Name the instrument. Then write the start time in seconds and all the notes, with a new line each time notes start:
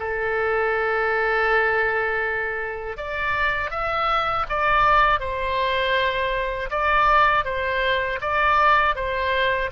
oboe
0.00 A4
2.98 D5
3.71 E5
4.49 D5
5.21 C5
6.71 D5
7.45 C5
8.22 D5
8.96 C5